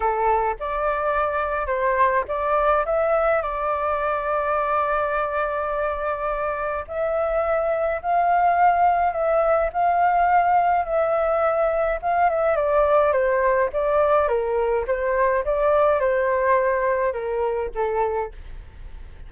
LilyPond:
\new Staff \with { instrumentName = "flute" } { \time 4/4 \tempo 4 = 105 a'4 d''2 c''4 | d''4 e''4 d''2~ | d''1 | e''2 f''2 |
e''4 f''2 e''4~ | e''4 f''8 e''8 d''4 c''4 | d''4 ais'4 c''4 d''4 | c''2 ais'4 a'4 | }